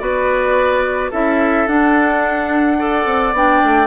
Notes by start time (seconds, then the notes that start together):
0.00 B3 F#4 B4 D5
1.11 C#4 E4 A4 E5
1.67 D4 F#5
2.79 A4 D5
3.06 C4
3.33 B3 D4 G5
3.64 A3